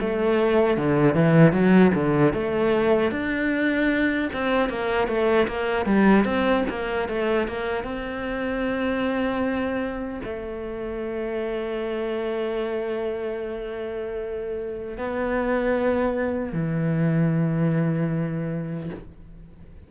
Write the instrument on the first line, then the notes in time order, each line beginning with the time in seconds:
cello
0.00 A3
0.78 D3
1.14 E3
1.52 F#3
1.94 D3
2.33 A3
3.11 D4
4.33 C4
4.69 A#3
5.08 A3
5.48 A#3
5.86 G3
6.25 C4
6.69 A#3
7.08 A3
7.48 A#3
7.84 C4
10.24 A3
14.98 B3
16.53 E3